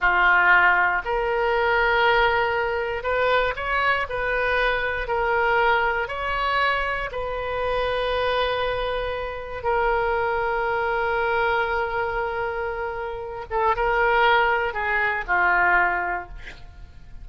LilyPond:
\new Staff \with { instrumentName = "oboe" } { \time 4/4 \tempo 4 = 118 f'2 ais'2~ | ais'2 b'4 cis''4 | b'2 ais'2 | cis''2 b'2~ |
b'2. ais'4~ | ais'1~ | ais'2~ ais'8 a'8 ais'4~ | ais'4 gis'4 f'2 | }